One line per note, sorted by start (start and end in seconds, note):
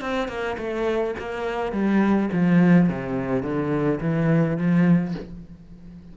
0.00 0.28 C4
0.28 0.56 A#3
0.57 1.15 A3
1.18 1.72 A#3
1.72 2.29 G3
2.32 2.89 F3
2.89 3.42 C3
3.42 3.99 D3
4.00 4.57 E3
4.57 5.14 F3